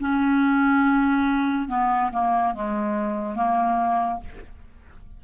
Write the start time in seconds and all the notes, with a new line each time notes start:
0.00 C#4
1.69 B3
2.12 A#3
2.55 G#3
3.36 A#3